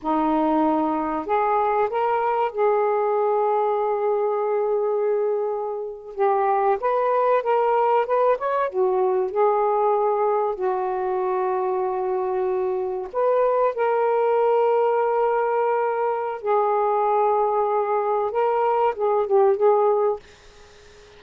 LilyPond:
\new Staff \with { instrumentName = "saxophone" } { \time 4/4 \tempo 4 = 95 dis'2 gis'4 ais'4 | gis'1~ | gis'4.~ gis'16 g'4 b'4 ais'16~ | ais'8. b'8 cis''8 fis'4 gis'4~ gis'16~ |
gis'8. fis'2.~ fis'16~ | fis'8. b'4 ais'2~ ais'16~ | ais'2 gis'2~ | gis'4 ais'4 gis'8 g'8 gis'4 | }